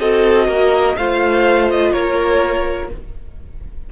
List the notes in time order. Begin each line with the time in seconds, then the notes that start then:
0.00 C4 F#4 A4 D#5
0.48 A#3 A#4
0.97 A3 F4 C5 F5
1.71 D#5
1.93 A#3 A#4 C#5